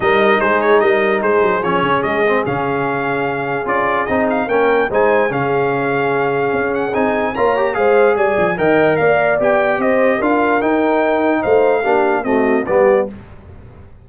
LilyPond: <<
  \new Staff \with { instrumentName = "trumpet" } { \time 4/4 \tempo 4 = 147 dis''4 c''8 cis''8 dis''4 c''4 | cis''4 dis''4 f''2~ | f''4 d''4 dis''8 f''8 g''4 | gis''4 f''2.~ |
f''8 fis''8 gis''4 ais''4 f''4 | gis''4 g''4 f''4 g''4 | dis''4 f''4 g''2 | f''2 dis''4 d''4 | }
  \new Staff \with { instrumentName = "horn" } { \time 4/4 ais'4 gis'4 ais'4 gis'4~ | gis'1~ | gis'2. ais'4 | c''4 gis'2.~ |
gis'2 cis''4 c''4 | d''4 dis''4 d''2 | c''4 ais'2. | c''4 g'4 fis'4 g'4 | }
  \new Staff \with { instrumentName = "trombone" } { \time 4/4 dis'1 | cis'4. c'8 cis'2~ | cis'4 f'4 dis'4 cis'4 | dis'4 cis'2.~ |
cis'4 dis'4 f'8 g'8 gis'4~ | gis'4 ais'2 g'4~ | g'4 f'4 dis'2~ | dis'4 d'4 a4 b4 | }
  \new Staff \with { instrumentName = "tuba" } { \time 4/4 g4 gis4 g4 gis8 fis8 | f8 cis8 gis4 cis2~ | cis4 cis'4 c'4 ais4 | gis4 cis2. |
cis'4 c'4 ais4 gis4 | g8 f8 dis4 ais4 b4 | c'4 d'4 dis'2 | a4 ais4 c'4 g4 | }
>>